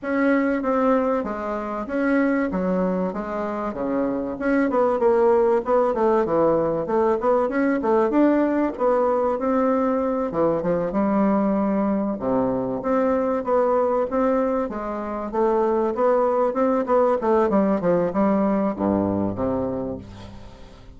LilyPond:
\new Staff \with { instrumentName = "bassoon" } { \time 4/4 \tempo 4 = 96 cis'4 c'4 gis4 cis'4 | fis4 gis4 cis4 cis'8 b8 | ais4 b8 a8 e4 a8 b8 | cis'8 a8 d'4 b4 c'4~ |
c'8 e8 f8 g2 c8~ | c8 c'4 b4 c'4 gis8~ | gis8 a4 b4 c'8 b8 a8 | g8 f8 g4 g,4 c4 | }